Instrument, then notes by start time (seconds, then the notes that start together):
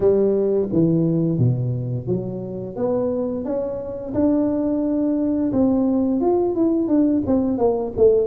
tuba
0.00 G3
0.72 E3
1.38 B2
2.07 F#3
2.76 B3
3.45 C#4
4.14 D4
5.52 C4
6.20 F4
6.55 E4
6.88 D4
7.26 C4
7.57 A#3
7.97 A3